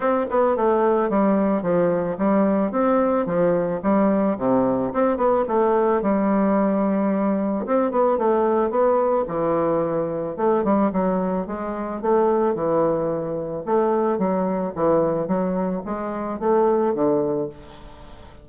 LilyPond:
\new Staff \with { instrumentName = "bassoon" } { \time 4/4 \tempo 4 = 110 c'8 b8 a4 g4 f4 | g4 c'4 f4 g4 | c4 c'8 b8 a4 g4~ | g2 c'8 b8 a4 |
b4 e2 a8 g8 | fis4 gis4 a4 e4~ | e4 a4 fis4 e4 | fis4 gis4 a4 d4 | }